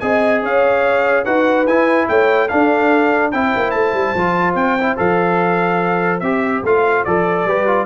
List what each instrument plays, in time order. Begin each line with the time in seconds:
0.00 tuba C4, trombone G#4, horn D#5, trumpet G#5
0.43 tuba C#4, horn C#5, trumpet F5
1.25 tuba D#4, trombone F#4, horn B4, trumpet F#5
1.67 tuba E4, trombone E4, trumpet G#5
2.09 tuba A3, horn C#5, trumpet G5
2.49 trombone D4, tuba D4, horn A4, trumpet F5
3.32 tuba C4, trombone E4, horn C5, trumpet G5
3.57 tuba A#3
3.71 tuba A3, trumpet A5
3.94 tuba G3
4.15 tuba F3, trombone F4
4.55 tuba C4, trumpet G5
4.80 trombone E4
4.97 tuba F3, trombone A4, trumpet F5
6.20 tuba C4, trombone G4, trumpet E5
6.63 tuba A3, trombone F4, trumpet F5
7.05 tuba F3, trombone A4, trumpet D5
7.46 tuba G3, trombone G4, horn B4
7.67 trombone F4